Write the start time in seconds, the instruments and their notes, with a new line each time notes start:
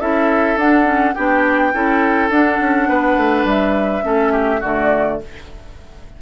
0.00 bassoon C#4, clarinet E4, oboe A4, flute E5
0.56 bassoon D4, clarinet D4, flute F#5
0.84 clarinet C#4
1.14 bassoon B3, clarinet D4, oboe G4, flute G5
1.73 bassoon C#4, clarinet E4, oboe A4
2.30 bassoon D4, clarinet D4, flute F#5
2.60 bassoon C#4
2.88 bassoon B3, oboe B4
3.17 bassoon A3
3.45 bassoon G3, flute E5
4.02 bassoon A3, clarinet C#4, oboe A4
4.32 oboe G4
4.60 bassoon D3, clarinet A3, oboe F#4, flute D5